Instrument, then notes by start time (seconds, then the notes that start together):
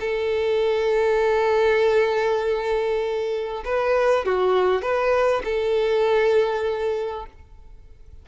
violin
0.00 A4
3.64 B4
4.25 F#4
4.82 B4
5.44 A4